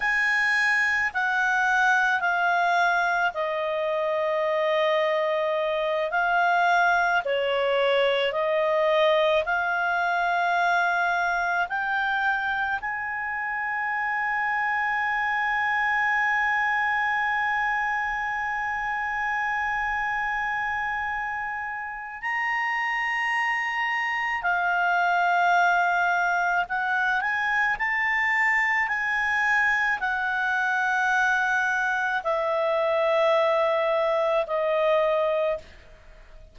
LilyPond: \new Staff \with { instrumentName = "clarinet" } { \time 4/4 \tempo 4 = 54 gis''4 fis''4 f''4 dis''4~ | dis''4. f''4 cis''4 dis''8~ | dis''8 f''2 g''4 gis''8~ | gis''1~ |
gis''1 | ais''2 f''2 | fis''8 gis''8 a''4 gis''4 fis''4~ | fis''4 e''2 dis''4 | }